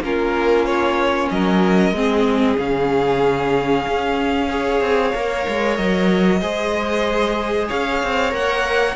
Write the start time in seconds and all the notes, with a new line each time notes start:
0.00 A#3 C#4 F4 A#4
0.66 C#5
1.30 F#3 A#4 D#5
1.92 G#3 C4 G#4
2.58 C#3 C#4 F5
3.88 C#4
4.49 G#4 C#5
4.81 C4
5.14 A#3 A#4
5.48 G#3
5.77 F#3 D#5
6.41 G#3 G#4 C5
7.69 C#4 C#5 F5
8.03 C4
8.31 A#3 A#4 F#5